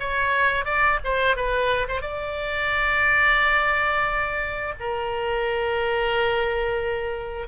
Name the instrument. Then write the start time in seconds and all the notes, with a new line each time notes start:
oboe
0.00 C#5
0.65 D5
1.04 C5
1.36 B4
1.88 C5
2.02 D5
4.80 A#4